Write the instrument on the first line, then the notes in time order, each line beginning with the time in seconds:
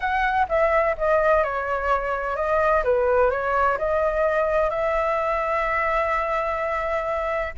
flute
0.00 F#5
0.49 E5
0.97 D#5
1.43 C#5
2.36 D#5
2.84 B4
3.30 C#5
3.78 D#5
4.70 E5